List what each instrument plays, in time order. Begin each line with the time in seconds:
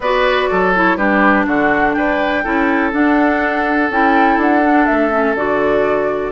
0.00 bassoon B3, clarinet F#4, oboe B4, flute D5
0.50 bassoon F#3, oboe A4
0.75 clarinet E4, flute C#5
0.96 bassoon G3, clarinet D4, oboe G4, flute B4
1.46 bassoon D3, oboe F#4, flute F#5
1.93 bassoon D4, oboe B4, flute G5
2.43 bassoon C#4, clarinet E4, oboe A4
2.92 clarinet D4, bassoon D4, flute F#5
3.90 bassoon C#4, clarinet E4, flute G5
4.37 bassoon D4, flute F#5
4.62 clarinet D4
4.86 bassoon A3, flute E5
5.10 clarinet C#4
5.35 bassoon D3, clarinet F#4, flute D5